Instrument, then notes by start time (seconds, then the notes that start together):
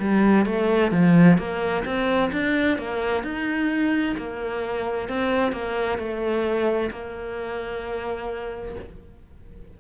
cello
0.00 G3
0.46 A3
0.91 F3
1.38 A#3
1.85 C4
2.32 D4
2.78 A#3
3.23 D#4
4.17 A#3
5.09 C4
5.52 A#3
5.98 A3
6.91 A#3